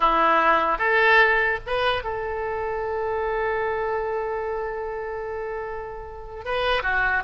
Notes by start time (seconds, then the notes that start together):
0.00 E4
0.78 A4
1.66 B4
2.03 A4
6.44 B4
6.83 F#4